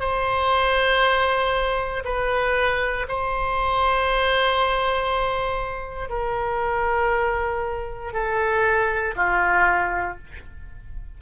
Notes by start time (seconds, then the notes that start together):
0.00 C5
2.05 B4
3.08 C5
6.10 A#4
8.13 A4
9.16 F4